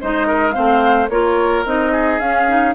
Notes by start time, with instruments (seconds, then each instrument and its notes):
0.00 bassoon G#3, clarinet D#4, oboe C5, flute D#5
0.26 oboe A#4
0.52 bassoon A3, clarinet C4, oboe C5, flute F5
1.08 bassoon A#3, clarinet F4, oboe A#4, flute C#5
1.65 bassoon C4, clarinet D#4, flute D#5
1.92 oboe G#4
2.19 bassoon C#4, clarinet C#4, flute F5
2.48 clarinet D#4